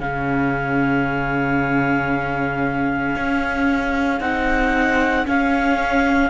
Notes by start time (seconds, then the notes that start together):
0.00 C#3 C#4 G#4 F5
3.16 C#4
4.21 C4 D#4 F#5
5.26 C#4 F5